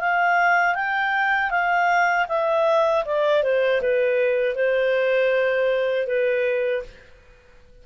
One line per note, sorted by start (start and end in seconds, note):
0.00 0.75 F5
0.75 1.50 G5
1.50 2.26 F5
2.28 3.04 E5
3.05 3.43 D5
3.43 3.81 C5
3.81 4.55 B4
4.55 6.07 C5
6.07 6.83 B4